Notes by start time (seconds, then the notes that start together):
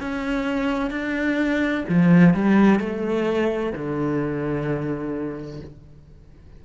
0.00 C#4
0.91 D4
1.89 F3
2.34 G3
2.80 A3
3.73 D3